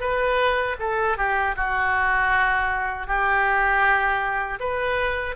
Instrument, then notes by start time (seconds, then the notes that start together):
oboe
0.00 B4
0.79 A4
1.17 G4
1.56 F#4
3.07 G4
4.59 B4